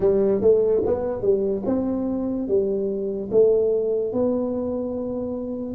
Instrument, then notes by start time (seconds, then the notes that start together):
tuba
0.00 G3
0.41 A3
0.86 B3
1.21 G3
1.65 C4
2.48 G3
3.31 A3
4.12 B3